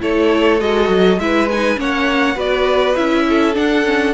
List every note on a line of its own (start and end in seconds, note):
0.00 0.61 A3
0.00 0.59 E4
0.00 1.20 A4
0.00 0.60 C#5
0.60 0.88 G#3
0.60 1.19 F#4
0.60 1.19 D#5
0.88 1.17 F#3
1.18 1.76 G#3
1.18 1.49 E4
1.18 1.79 B4
1.18 1.48 E5
1.50 1.76 D#4
1.50 1.79 G#5
1.76 2.36 A#3
1.76 2.35 C#4
1.76 2.35 C#5
1.76 2.39 F#5
2.35 2.94 B3
2.35 2.94 F#4
2.35 3.24 B4
2.35 2.95 D5
2.95 3.56 C#4
2.95 3.54 E4
2.95 3.54 E5
3.29 4.14 A4
3.54 3.83 D4
3.54 4.14 D4
3.54 4.14 F#5
3.84 4.13 C#4